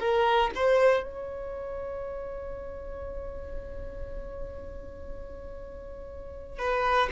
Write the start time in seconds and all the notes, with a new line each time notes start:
0.00 A#4
0.55 C5
1.04 C#5
6.59 B4